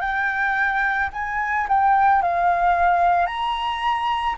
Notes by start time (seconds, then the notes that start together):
0.00 G5
1.13 G#5
1.68 G5
2.22 F5
3.26 A#5